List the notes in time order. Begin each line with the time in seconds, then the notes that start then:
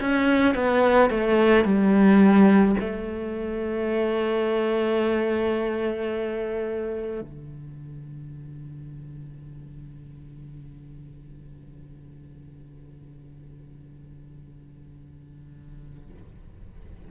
0.00 C#4
0.55 B3
1.10 A3
1.64 G3
2.80 A3
7.21 D3